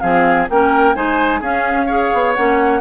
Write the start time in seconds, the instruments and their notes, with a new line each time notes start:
0.00 bassoon F3, clarinet C4, oboe G#4, flute F5
0.50 bassoon A#3, clarinet C#4, oboe A#4, flute G5
0.95 bassoon G#3, clarinet D#4, oboe C5, flute G#5
1.41 bassoon C#4, clarinet C#4, oboe G#4, flute F5
1.87 clarinet G#4, oboe C#5
2.14 bassoon B3
2.34 bassoon A#3, clarinet C#4, flute F#5